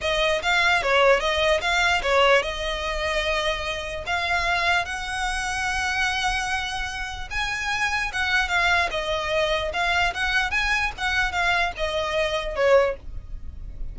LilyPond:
\new Staff \with { instrumentName = "violin" } { \time 4/4 \tempo 4 = 148 dis''4 f''4 cis''4 dis''4 | f''4 cis''4 dis''2~ | dis''2 f''2 | fis''1~ |
fis''2 gis''2 | fis''4 f''4 dis''2 | f''4 fis''4 gis''4 fis''4 | f''4 dis''2 cis''4 | }